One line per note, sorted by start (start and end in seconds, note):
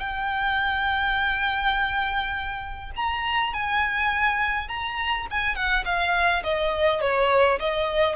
0.00 2.91 G5
2.96 3.53 A#5
3.53 4.68 G#5
4.68 5.27 A#5
5.31 5.56 G#5
5.56 5.85 F#5
5.85 6.43 F5
6.43 7.01 D#5
7.01 7.59 C#5
7.60 8.16 D#5